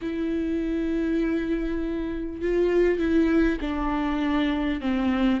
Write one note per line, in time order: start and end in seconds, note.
0.01 2.41 E4
2.41 2.98 F4
2.98 3.58 E4
3.61 4.81 D4
4.81 5.40 C4